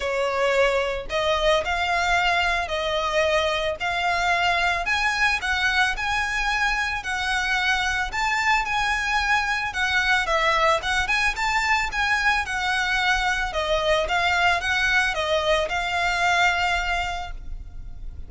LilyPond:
\new Staff \with { instrumentName = "violin" } { \time 4/4 \tempo 4 = 111 cis''2 dis''4 f''4~ | f''4 dis''2 f''4~ | f''4 gis''4 fis''4 gis''4~ | gis''4 fis''2 a''4 |
gis''2 fis''4 e''4 | fis''8 gis''8 a''4 gis''4 fis''4~ | fis''4 dis''4 f''4 fis''4 | dis''4 f''2. | }